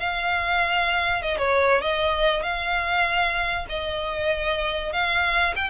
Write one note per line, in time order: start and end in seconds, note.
0.00 1.22 F5
1.22 1.38 D#5
1.38 1.82 C#5
1.82 2.43 D#5
2.43 3.67 F5
3.69 4.93 D#5
4.93 5.55 F5
5.56 5.70 G5